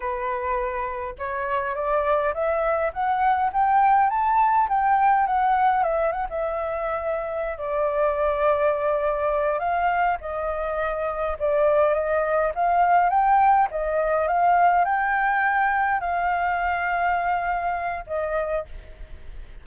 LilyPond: \new Staff \with { instrumentName = "flute" } { \time 4/4 \tempo 4 = 103 b'2 cis''4 d''4 | e''4 fis''4 g''4 a''4 | g''4 fis''4 e''8 fis''16 e''4~ e''16~ | e''4 d''2.~ |
d''8 f''4 dis''2 d''8~ | d''8 dis''4 f''4 g''4 dis''8~ | dis''8 f''4 g''2 f''8~ | f''2. dis''4 | }